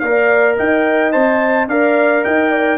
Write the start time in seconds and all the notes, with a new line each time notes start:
0.00 A#3 A#4 D5 F5
0.58 D#4 D#5 G5
1.12 C4 C5 A5
1.68 D4 A#4 D5 F5
2.24 D#4 D#5 G5
2.52 D5